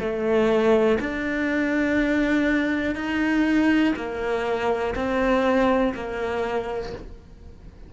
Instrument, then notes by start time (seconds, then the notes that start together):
cello
0.00 A3
1.00 D4
2.95 D#4
3.96 A#3
4.95 C4
5.94 A#3